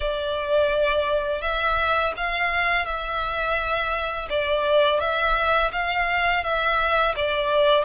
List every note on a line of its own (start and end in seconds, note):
0.00 1.41 D5
1.41 2.13 E5
2.16 2.85 F5
2.85 4.28 E5
4.29 5.00 D5
5.00 5.71 E5
5.72 6.43 F5
6.43 7.14 E5
7.16 7.84 D5